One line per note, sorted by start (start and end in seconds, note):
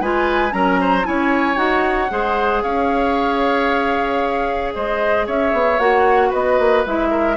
0.00 0.53 G#3
0.00 0.51 F4
0.00 0.54 B4
0.00 0.53 G#5
0.51 1.06 F#3
0.51 1.03 C#4
0.51 0.81 A#4
0.51 1.06 A#5
0.81 1.07 C5
1.04 1.56 C#4
1.04 1.56 E4
1.04 2.12 C#5
1.04 1.57 G#5
1.56 2.09 D#4
1.56 2.08 F#4
1.56 2.62 F#5
2.11 2.64 G#3
2.11 5.79 G#4
2.11 2.63 C5
2.63 4.75 C#4
2.63 4.74 C#5
2.63 4.73 F5
4.74 5.28 G#3
4.74 5.26 C5
4.74 5.26 D#5
5.26 5.53 C#4
5.26 6.29 C#5
5.26 5.79 E5
5.53 5.79 B3
5.79 6.32 A#3
5.79 6.85 F#4
5.79 6.32 F#5
6.29 6.59 B3
6.29 7.08 B4
6.29 6.85 D#5
6.59 6.85 A#3
6.86 7.37 G#3
6.86 7.37 E4
6.86 7.37 E5
7.11 7.37 A#4